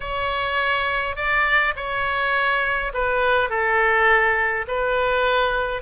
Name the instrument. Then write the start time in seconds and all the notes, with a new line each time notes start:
oboe
0.00 C#5
1.15 D5
1.76 C#5
2.93 B4
3.49 A4
4.67 B4